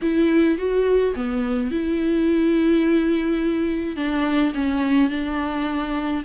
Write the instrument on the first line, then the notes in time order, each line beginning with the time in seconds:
viola
0.02 E4
0.57 F#4
1.15 B3
1.71 E4
3.96 D4
4.54 C#4
5.09 D4